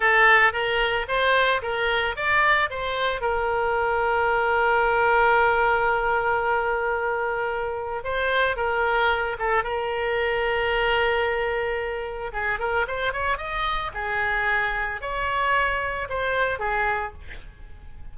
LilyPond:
\new Staff \with { instrumentName = "oboe" } { \time 4/4 \tempo 4 = 112 a'4 ais'4 c''4 ais'4 | d''4 c''4 ais'2~ | ais'1~ | ais'2. c''4 |
ais'4. a'8 ais'2~ | ais'2. gis'8 ais'8 | c''8 cis''8 dis''4 gis'2 | cis''2 c''4 gis'4 | }